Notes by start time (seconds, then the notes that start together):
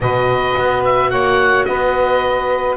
0.00 B2 F#4 B4 D#5
0.57 B3
0.84 E5
1.10 A#3 C#5 F#5
1.64 B3 B4 D#5